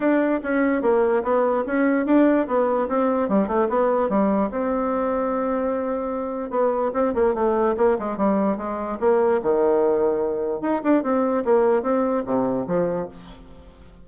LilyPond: \new Staff \with { instrumentName = "bassoon" } { \time 4/4 \tempo 4 = 147 d'4 cis'4 ais4 b4 | cis'4 d'4 b4 c'4 | g8 a8 b4 g4 c'4~ | c'1 |
b4 c'8 ais8 a4 ais8 gis8 | g4 gis4 ais4 dis4~ | dis2 dis'8 d'8 c'4 | ais4 c'4 c4 f4 | }